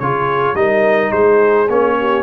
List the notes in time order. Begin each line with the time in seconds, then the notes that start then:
0.00 C#3 F4 G#4 C#5
0.55 G3 D#4 A#4 D#5
1.12 G#3 G#4 C5
1.70 A#3 C#4 C#5
1.99 G4